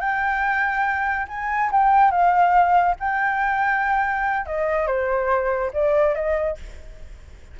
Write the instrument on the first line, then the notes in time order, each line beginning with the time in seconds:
flute
0.00 G5
1.28 G#5
1.72 G5
2.11 F5
2.99 G5
4.46 D#5
4.86 C5
5.73 D5
6.15 D#5